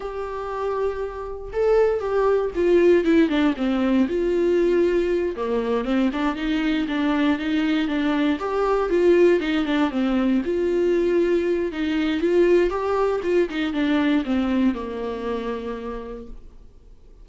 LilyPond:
\new Staff \with { instrumentName = "viola" } { \time 4/4 \tempo 4 = 118 g'2. a'4 | g'4 f'4 e'8 d'8 c'4 | f'2~ f'8 ais4 c'8 | d'8 dis'4 d'4 dis'4 d'8~ |
d'8 g'4 f'4 dis'8 d'8 c'8~ | c'8 f'2~ f'8 dis'4 | f'4 g'4 f'8 dis'8 d'4 | c'4 ais2. | }